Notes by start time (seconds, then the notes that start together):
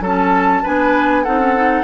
0.00 F#3 C#4 A4 A5
0.62 B3 D4 B4 G#5
1.23 C4 D#4 A4 F#5
1.39 C#4
1.55 D#4